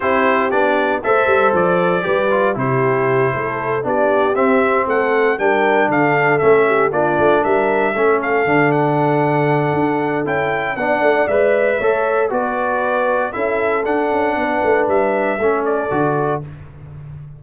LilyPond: <<
  \new Staff \with { instrumentName = "trumpet" } { \time 4/4 \tempo 4 = 117 c''4 d''4 e''4 d''4~ | d''4 c''2~ c''8 d''8~ | d''8 e''4 fis''4 g''4 f''8~ | f''8 e''4 d''4 e''4. |
f''4 fis''2. | g''4 fis''4 e''2 | d''2 e''4 fis''4~ | fis''4 e''4. d''4. | }
  \new Staff \with { instrumentName = "horn" } { \time 4/4 g'2 c''2 | b'4 g'4. a'4 g'8~ | g'4. a'4 ais'4 a'8~ | a'4 g'8 f'4 ais'4 a'8~ |
a'1~ | a'4 d''2 cis''4 | b'2 a'2 | b'2 a'2 | }
  \new Staff \with { instrumentName = "trombone" } { \time 4/4 e'4 d'4 a'2 | g'8 f'8 e'2~ e'8 d'8~ | d'8 c'2 d'4.~ | d'8 cis'4 d'2 cis'8~ |
cis'8 d'2.~ d'8 | e'4 d'4 b'4 a'4 | fis'2 e'4 d'4~ | d'2 cis'4 fis'4 | }
  \new Staff \with { instrumentName = "tuba" } { \time 4/4 c'4 b4 a8 g8 f4 | g4 c4. a4 b8~ | b8 c'4 a4 g4 d8~ | d8 a4 ais8 a8 g4 a8~ |
a8 d2~ d8 d'4 | cis'4 b8 a8 gis4 a4 | b2 cis'4 d'8 cis'8 | b8 a8 g4 a4 d4 | }
>>